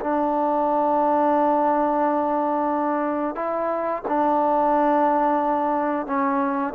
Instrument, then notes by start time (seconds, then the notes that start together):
trombone
0.00 D4
3.35 E4
4.08 D4
6.06 C#4